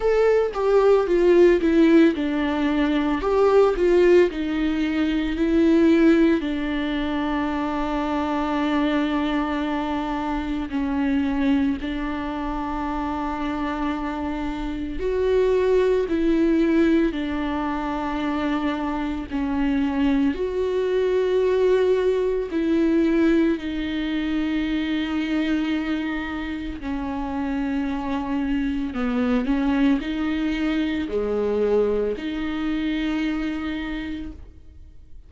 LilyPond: \new Staff \with { instrumentName = "viola" } { \time 4/4 \tempo 4 = 56 a'8 g'8 f'8 e'8 d'4 g'8 f'8 | dis'4 e'4 d'2~ | d'2 cis'4 d'4~ | d'2 fis'4 e'4 |
d'2 cis'4 fis'4~ | fis'4 e'4 dis'2~ | dis'4 cis'2 b8 cis'8 | dis'4 gis4 dis'2 | }